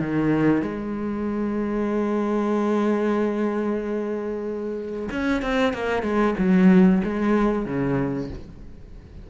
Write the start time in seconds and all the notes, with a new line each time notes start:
0.00 D#3
0.62 G#3
5.11 C#4
5.43 C4
5.74 A#3
6.03 G#3
6.38 F#3
7.04 G#3
7.66 C#3